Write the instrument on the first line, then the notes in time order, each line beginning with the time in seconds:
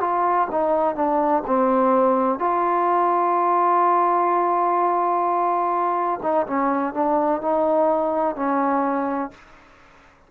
trombone
0.00 F4
0.51 D#4
0.95 D4
1.46 C4
2.39 F4
6.22 D#4
6.46 C#4
6.94 D4
7.41 D#4
8.35 C#4